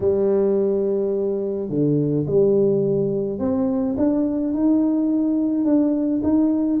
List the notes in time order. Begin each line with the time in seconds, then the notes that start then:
0.00 G3
1.69 D3
2.26 G3
3.39 C4
3.97 D4
4.53 D#4
5.64 D4
6.23 D#4